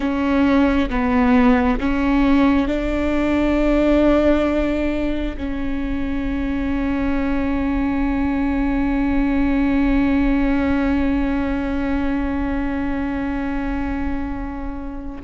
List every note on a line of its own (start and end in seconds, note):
0.00 0.89 C#4
0.90 1.79 B3
1.80 2.67 C#4
2.67 5.36 D4
5.37 15.22 C#4